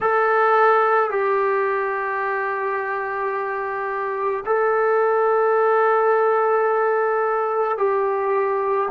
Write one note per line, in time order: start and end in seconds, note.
0.01 1.10 A4
1.10 4.43 G4
4.45 7.77 A4
7.77 8.88 G4